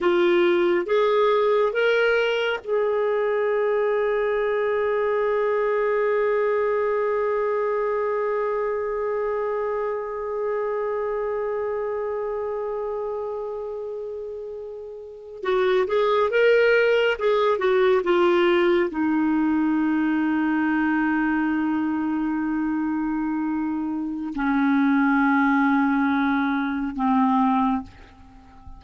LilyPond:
\new Staff \with { instrumentName = "clarinet" } { \time 4/4 \tempo 4 = 69 f'4 gis'4 ais'4 gis'4~ | gis'1~ | gis'1~ | gis'1~ |
gis'4.~ gis'16 fis'8 gis'8 ais'4 gis'16~ | gis'16 fis'8 f'4 dis'2~ dis'16~ | dis'1 | cis'2. c'4 | }